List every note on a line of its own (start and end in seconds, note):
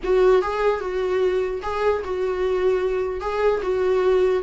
0.03 0.42 F#4
0.42 0.80 G#4
0.80 1.61 F#4
1.62 2.02 G#4
2.04 3.20 F#4
3.20 3.61 G#4
3.62 4.42 F#4